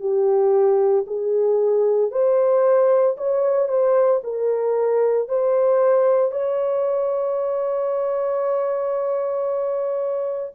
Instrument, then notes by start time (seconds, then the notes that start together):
horn
0.00 G4
1.07 G#4
2.11 C5
3.17 C#5
3.68 C5
4.23 A#4
5.29 C5
6.32 C#5